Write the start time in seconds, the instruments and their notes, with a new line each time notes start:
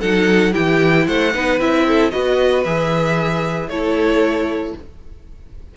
0.00 cello F#3, viola D#4, violin A4 F#5
0.52 cello E3, viola E4, violin G4 G5
1.07 cello A3, violin C5 F#5
1.33 cello B3, viola D#4, violin B4
1.59 cello C4, viola E4, violin E5
1.87 violin A4
2.10 cello B3, viola F#4, violin B4 D#5
2.64 cello E3, viola G#4, violin E5
3.68 cello A3, viola E4, violin A4 C#5